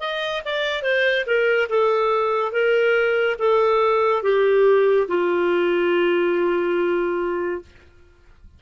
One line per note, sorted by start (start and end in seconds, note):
0.00 0.42 D#5
0.45 0.83 D5
0.83 1.25 C5
1.26 1.69 A#4
1.69 2.52 A4
2.52 3.36 A#4
3.39 4.23 A4
4.23 5.07 G4
5.08 7.61 F4